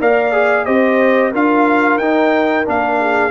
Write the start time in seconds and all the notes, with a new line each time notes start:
0.00 A#3 A#4 D5 F5
0.32 G#4
0.65 C4 G4 C5 D#5
1.32 D4 F4 A#4 F5
1.98 D#4 G5
2.65 A#3 D4 F5
3.00 G#4